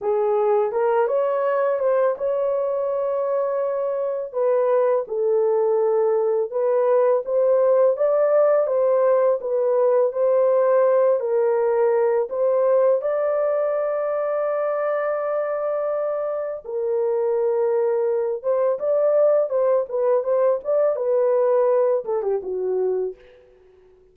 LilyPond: \new Staff \with { instrumentName = "horn" } { \time 4/4 \tempo 4 = 83 gis'4 ais'8 cis''4 c''8 cis''4~ | cis''2 b'4 a'4~ | a'4 b'4 c''4 d''4 | c''4 b'4 c''4. ais'8~ |
ais'4 c''4 d''2~ | d''2. ais'4~ | ais'4. c''8 d''4 c''8 b'8 | c''8 d''8 b'4. a'16 g'16 fis'4 | }